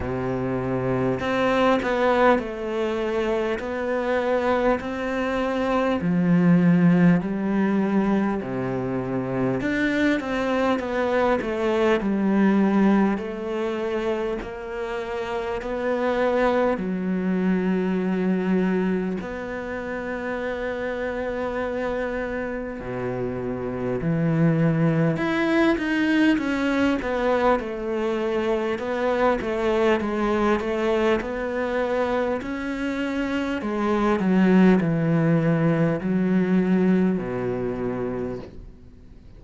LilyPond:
\new Staff \with { instrumentName = "cello" } { \time 4/4 \tempo 4 = 50 c4 c'8 b8 a4 b4 | c'4 f4 g4 c4 | d'8 c'8 b8 a8 g4 a4 | ais4 b4 fis2 |
b2. b,4 | e4 e'8 dis'8 cis'8 b8 a4 | b8 a8 gis8 a8 b4 cis'4 | gis8 fis8 e4 fis4 b,4 | }